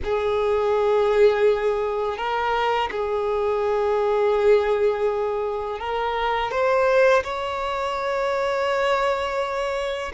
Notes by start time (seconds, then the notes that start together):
0.04 G#4
2.17 A#4
2.91 G#4
5.79 A#4
6.51 C5
7.23 C#5